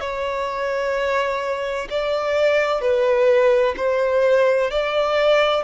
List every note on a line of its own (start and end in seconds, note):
0.00 1.87 C#5
1.90 2.81 D5
2.81 3.75 B4
3.77 4.70 C5
4.70 5.63 D5